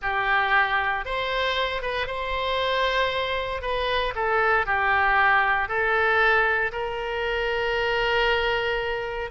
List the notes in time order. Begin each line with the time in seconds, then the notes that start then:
0.01 G4
1.05 C5
1.82 B4
2.07 C5
3.61 B4
4.15 A4
4.66 G4
5.68 A4
6.71 A#4